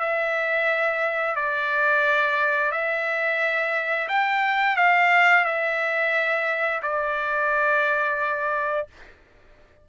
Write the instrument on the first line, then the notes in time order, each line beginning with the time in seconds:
trumpet
0.00 E5
1.36 D5
2.72 E5
4.09 G5
4.77 F5
5.45 E5
6.83 D5